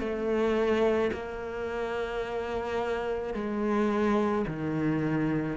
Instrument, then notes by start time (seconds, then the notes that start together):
cello
0.00 A3
1.13 A#3
3.34 G#3
4.47 D#3